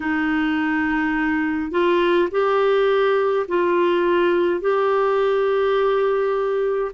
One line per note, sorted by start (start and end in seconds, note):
0.00 1.70 D#4
1.70 2.28 F4
2.31 3.46 G4
3.48 4.60 F4
4.60 6.91 G4